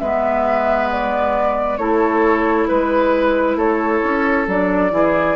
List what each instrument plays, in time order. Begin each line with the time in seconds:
0.00 bassoon G#3, clarinet B3, oboe B4, flute E5
0.92 flute D5
1.78 bassoon A3, clarinet E4, oboe A4, flute C#5
2.68 bassoon G#3, oboe B4, flute B4
3.56 bassoon A3, oboe A4, flute C#5
4.03 bassoon C#4
4.47 bassoon F#3, clarinet D4, flute D5
4.91 bassoon E3, clarinet E4, oboe G#4